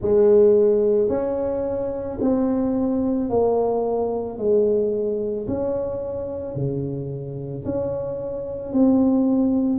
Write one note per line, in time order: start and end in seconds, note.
0.01 1.09 G#3
1.09 2.18 C#4
2.20 3.29 C4
3.29 4.38 A#3
4.38 5.47 G#3
5.47 6.55 C#4
6.55 7.64 C#3
7.65 8.73 C#4
8.73 9.79 C4